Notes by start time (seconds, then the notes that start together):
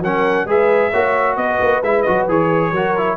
0.00 F#3 C#4 A#4 F#5
0.45 G#3 G#4 B4 E5
0.91 A#3 F#4 C#5
1.36 B3 B4 D#5
1.60 A#3
1.82 G#3 E4 E5
2.02 F#4 D#5
2.08 F#3
2.28 E3 G#4 C#5
2.72 F#3 F#4 A#4
2.97 E4